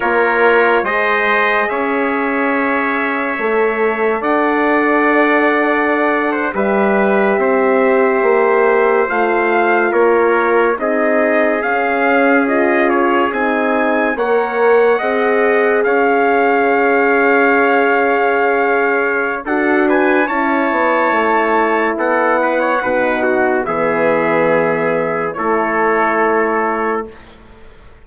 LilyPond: <<
  \new Staff \with { instrumentName = "trumpet" } { \time 4/4 \tempo 4 = 71 cis''4 dis''4 e''2~ | e''4 fis''2~ fis''8. e''16~ | e''2~ e''8. f''4 cis''16~ | cis''8. dis''4 f''4 dis''8 cis''8 gis''16~ |
gis''8. fis''2 f''4~ f''16~ | f''2. fis''8 gis''8 | a''2 fis''2 | e''2 cis''2 | }
  \new Staff \with { instrumentName = "trumpet" } { \time 4/4 ais'4 c''4 cis''2~ | cis''4 d''2~ d''8 c''16 b'16~ | b'8. c''2. ais'16~ | ais'8. gis'2.~ gis'16~ |
gis'8. cis''4 dis''4 cis''4~ cis''16~ | cis''2. a'8 b'8 | cis''2 a'8 b'16 cis''16 b'8 fis'8 | gis'2 a'2 | }
  \new Staff \with { instrumentName = "horn" } { \time 4/4 f'4 gis'2. | a'2.~ a'8. g'16~ | g'2~ g'8. f'4~ f'16~ | f'8. dis'4 cis'4 f'4 dis'16~ |
dis'8. ais'4 gis'2~ gis'16~ | gis'2. fis'4 | e'2. dis'4 | b2 e'2 | }
  \new Staff \with { instrumentName = "bassoon" } { \time 4/4 ais4 gis4 cis'2 | a4 d'2~ d'8. g16~ | g8. c'4 ais4 a4 ais16~ | ais8. c'4 cis'2 c'16~ |
c'8. ais4 c'4 cis'4~ cis'16~ | cis'2. d'4 | cis'8 b8 a4 b4 b,4 | e2 a2 | }
>>